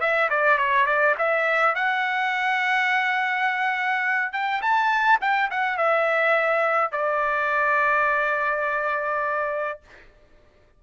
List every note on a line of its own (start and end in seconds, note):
0.00 0.29 E5
0.30 0.57 D5
0.57 0.86 C#5
0.86 1.15 D5
1.18 1.75 E5
1.75 4.32 F#5
4.32 4.61 G5
4.62 5.19 A5
5.21 5.50 G5
5.50 5.77 F#5
5.77 6.92 E5
6.92 9.80 D5